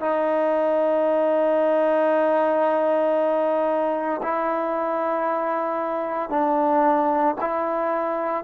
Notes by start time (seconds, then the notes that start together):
0.00 D#4
4.22 E4
6.30 D4
7.40 E4